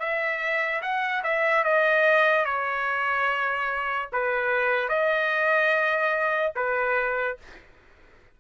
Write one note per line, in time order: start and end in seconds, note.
0.00 0.82 E5
0.82 1.23 F#5
1.24 1.64 E5
1.64 2.46 D#5
2.46 4.10 C#5
4.13 4.89 B4
4.89 6.53 D#5
6.56 7.38 B4